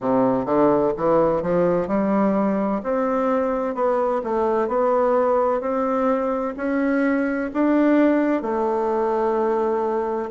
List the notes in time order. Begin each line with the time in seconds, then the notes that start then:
0.00 C3
0.45 D3
0.96 E3
1.42 F3
1.87 G3
2.83 C4
3.75 B3
4.23 A3
4.67 B3
5.60 C4
6.56 C#4
7.53 D4
8.42 A3